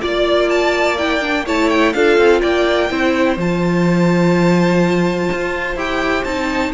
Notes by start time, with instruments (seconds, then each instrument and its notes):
0.00 cello A#3, viola F4, violin D5
0.50 violin A5
0.98 viola E4, violin G5
1.21 viola D4
1.46 cello A3, viola E4, violin C#5 A5
1.70 violin G5
1.94 cello D4, viola F4, violin A4 F5
2.18 cello C4
2.42 cello A#3, violin D5 G5
2.90 cello C4, viola E4, violin C5
3.37 cello F3, viola F4, violin A5
5.33 cello F4
5.76 cello E4, viola G4, violin G5
6.25 cello C4, viola D#4, violin A5